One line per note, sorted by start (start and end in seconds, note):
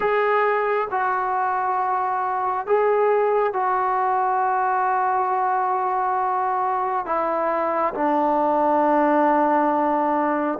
0.00 0.87 G#4
0.91 2.66 F#4
2.66 3.53 G#4
3.53 7.05 F#4
7.05 7.93 E4
7.94 10.58 D4